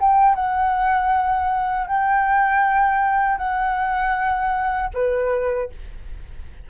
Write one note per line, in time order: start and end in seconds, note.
0.00 0.35 G5
0.35 1.87 F#5
1.87 3.38 G5
3.38 4.90 F#5
4.94 5.70 B4